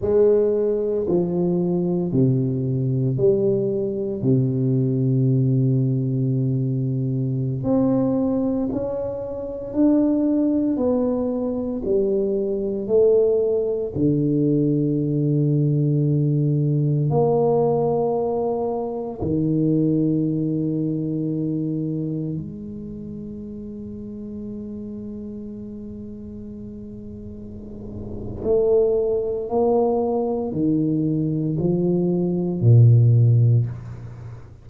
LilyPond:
\new Staff \with { instrumentName = "tuba" } { \time 4/4 \tempo 4 = 57 gis4 f4 c4 g4 | c2.~ c16 c'8.~ | c'16 cis'4 d'4 b4 g8.~ | g16 a4 d2~ d8.~ |
d16 ais2 dis4.~ dis16~ | dis4~ dis16 gis2~ gis8.~ | gis2. a4 | ais4 dis4 f4 ais,4 | }